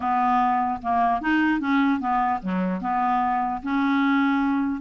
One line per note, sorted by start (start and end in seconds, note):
0.00 0.80 B3
0.82 1.21 A#3
1.21 1.59 D#4
1.59 1.99 C#4
1.99 2.39 B3
2.42 2.81 F#3
2.81 3.61 B3
3.63 4.81 C#4